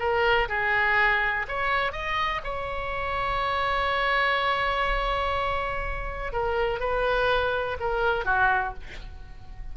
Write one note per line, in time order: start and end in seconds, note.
0.00 0.49 A#4
0.49 1.46 G#4
1.49 1.92 C#5
1.92 2.41 D#5
2.44 6.33 C#5
6.33 6.80 A#4
6.80 7.78 B4
7.80 8.25 A#4
8.25 8.74 F#4